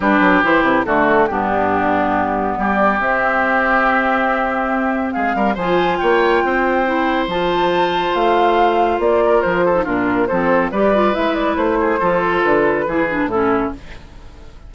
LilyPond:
<<
  \new Staff \with { instrumentName = "flute" } { \time 4/4 \tempo 4 = 140 b'4 c''8 b'8 a'4 g'4~ | g'2 d''4 e''4~ | e''1 | f''4 gis''4 g''2~ |
g''4 a''2 f''4~ | f''4 d''4 c''4 ais'4 | c''4 d''4 e''8 d''8 c''4~ | c''4 b'2 a'4 | }
  \new Staff \with { instrumentName = "oboe" } { \time 4/4 g'2 fis'4 d'4~ | d'2 g'2~ | g'1 | gis'8 ais'8 c''4 cis''4 c''4~ |
c''1~ | c''4. ais'4 a'8 f'4 | a'4 b'2~ b'8 gis'8 | a'2 gis'4 e'4 | }
  \new Staff \with { instrumentName = "clarinet" } { \time 4/4 d'4 e'4 a4 b4~ | b2. c'4~ | c'1~ | c'4 f'2. |
e'4 f'2.~ | f'2~ f'8. dis'16 d'4 | c'4 g'8 f'8 e'2 | f'2 e'8 d'8 cis'4 | }
  \new Staff \with { instrumentName = "bassoon" } { \time 4/4 g8 fis8 e8 c8 d4 g,4~ | g,2 g4 c'4~ | c'1 | gis8 g8 f4 ais4 c'4~ |
c'4 f2 a4~ | a4 ais4 f4 ais,4 | f4 g4 gis4 a4 | f4 d4 e4 a,4 | }
>>